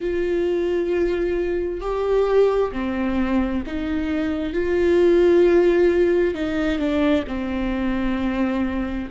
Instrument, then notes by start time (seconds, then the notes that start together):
viola
0.00 F4
1.80 G4
2.72 C4
3.66 D#4
4.52 F4
6.34 D#4
6.78 D4
7.27 C4